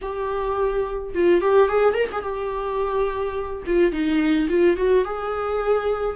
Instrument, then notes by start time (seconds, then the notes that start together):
viola
0.01 G4
1.14 F4
1.41 G4
1.68 G#4
1.94 A#4
2.12 G#4
2.22 G4
3.66 F4
3.92 D#4
4.49 F4
4.76 F#4
5.04 G#4